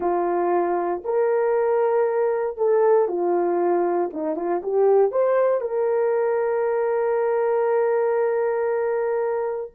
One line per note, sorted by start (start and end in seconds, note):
0.00 1.02 F4
1.04 2.57 A#4
2.57 3.07 A4
3.07 4.10 F4
4.13 4.35 D#4
4.35 4.61 F4
4.62 5.11 G4
5.11 5.60 C5
5.60 9.71 A#4